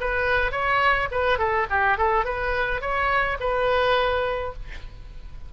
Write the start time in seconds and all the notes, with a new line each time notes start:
0.00 B4
0.51 C#5
1.11 B4
1.38 A4
1.70 G4
1.97 A4
2.24 B4
2.81 C#5
3.40 B4